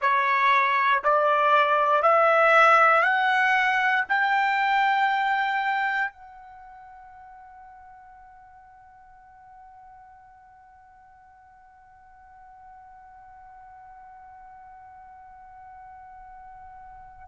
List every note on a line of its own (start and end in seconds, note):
0.01 1.03 C#5
1.04 2.02 D5
2.02 3.02 E5
3.02 4.04 F#5
4.08 6.12 G5
6.12 17.28 F#5